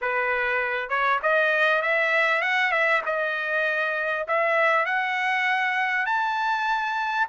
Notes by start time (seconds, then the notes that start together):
0.01 B4
0.89 C#5
1.22 D#5
1.82 E5
2.41 F#5
2.71 E5
3.05 D#5
4.27 E5
4.85 F#5
6.06 A5